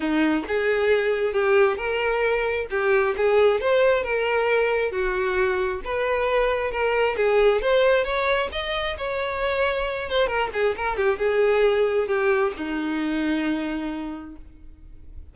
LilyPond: \new Staff \with { instrumentName = "violin" } { \time 4/4 \tempo 4 = 134 dis'4 gis'2 g'4 | ais'2 g'4 gis'4 | c''4 ais'2 fis'4~ | fis'4 b'2 ais'4 |
gis'4 c''4 cis''4 dis''4 | cis''2~ cis''8 c''8 ais'8 gis'8 | ais'8 g'8 gis'2 g'4 | dis'1 | }